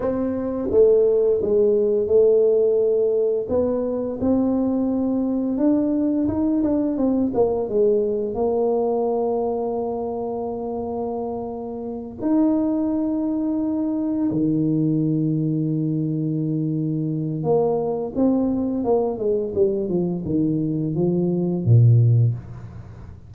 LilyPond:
\new Staff \with { instrumentName = "tuba" } { \time 4/4 \tempo 4 = 86 c'4 a4 gis4 a4~ | a4 b4 c'2 | d'4 dis'8 d'8 c'8 ais8 gis4 | ais1~ |
ais4. dis'2~ dis'8~ | dis'8 dis2.~ dis8~ | dis4 ais4 c'4 ais8 gis8 | g8 f8 dis4 f4 ais,4 | }